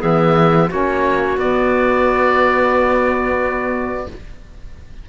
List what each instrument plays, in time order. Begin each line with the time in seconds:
0.00 cello E3, saxophone B3, clarinet G#4, oboe E5
0.68 cello A#3, saxophone C#4, clarinet F#4, oboe C#5
1.37 cello B3, saxophone B3, oboe D5